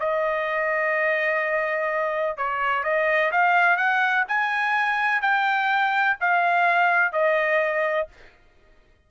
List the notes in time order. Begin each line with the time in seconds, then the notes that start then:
0.00 D#5
2.37 C#5
2.84 D#5
3.32 F5
3.77 F#5
4.28 G#5
5.22 G5
6.21 F5
7.13 D#5